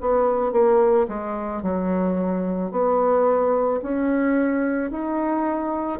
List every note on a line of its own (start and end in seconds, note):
0.00 0.52 B3
0.52 1.06 A#3
1.08 1.62 G#3
1.62 2.71 F#3
2.71 3.80 B3
3.82 4.90 C#4
4.90 6.00 D#4